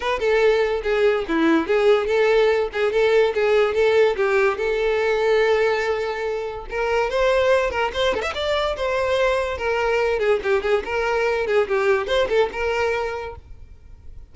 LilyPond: \new Staff \with { instrumentName = "violin" } { \time 4/4 \tempo 4 = 144 b'8 a'4. gis'4 e'4 | gis'4 a'4. gis'8 a'4 | gis'4 a'4 g'4 a'4~ | a'1 |
ais'4 c''4. ais'8 c''8 a'16 e''16 | d''4 c''2 ais'4~ | ais'8 gis'8 g'8 gis'8 ais'4. gis'8 | g'4 c''8 a'8 ais'2 | }